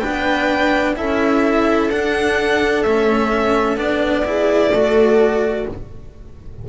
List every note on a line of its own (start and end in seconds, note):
0.00 0.98 B3
0.00 0.96 D4
0.00 0.94 B4
0.00 0.94 G5
0.96 1.90 C#4
0.96 1.89 E4
0.96 4.26 A4
0.96 1.90 E5
1.90 2.84 D4
1.90 2.86 D4
1.90 2.83 F#5
2.83 3.77 A3
2.83 3.77 C#4
2.83 3.76 E5
3.77 4.70 B3
3.77 4.23 D4
3.77 5.67 D5
4.25 4.72 E4
4.25 4.71 G#4
4.71 5.66 A3
4.71 5.69 F#4
4.71 5.65 A4